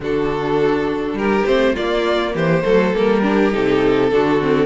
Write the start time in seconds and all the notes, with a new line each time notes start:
0.00 D3 D4 F#4 A4
1.13 G3 G4 A#4
1.45 A3 C4 C5
1.73 A#3 F4 D5
2.34 E3 G4 C5
2.63 F#3 A3 A4
2.94 G3 A#3 A#4
3.22 D4 G4
3.51 C3 D#4 A4
4.11 D3 D4 F#4
4.41 C4